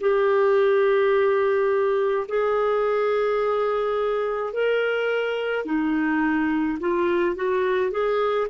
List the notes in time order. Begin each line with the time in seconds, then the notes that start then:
0.00 G4
2.28 G#4
4.53 A#4
5.65 D#4
6.79 F4
7.35 F#4
7.91 G#4